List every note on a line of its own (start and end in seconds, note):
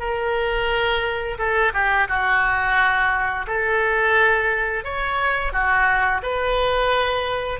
0.00 1.38 A#4
1.39 1.73 A4
1.74 2.08 G4
2.08 3.46 F#4
3.47 4.85 A4
4.85 5.53 C#5
5.53 6.22 F#4
6.23 7.60 B4